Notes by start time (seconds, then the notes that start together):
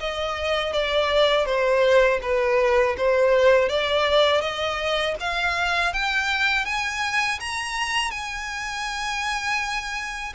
0.00 D#5
0.73 D5
1.45 C5
2.22 B4
2.97 C5
3.69 D5
4.41 D#5
5.20 F5
5.93 G5
6.65 G#5
7.40 A#5
8.11 G#5